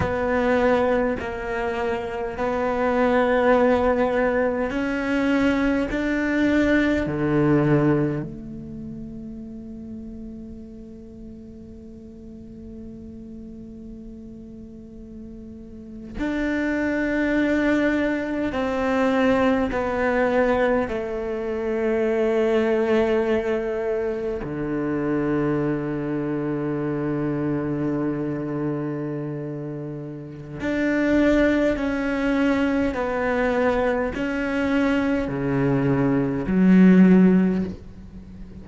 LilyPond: \new Staff \with { instrumentName = "cello" } { \time 4/4 \tempo 4 = 51 b4 ais4 b2 | cis'4 d'4 d4 a4~ | a1~ | a4.~ a16 d'2 c'16~ |
c'8. b4 a2~ a16~ | a8. d2.~ d16~ | d2 d'4 cis'4 | b4 cis'4 cis4 fis4 | }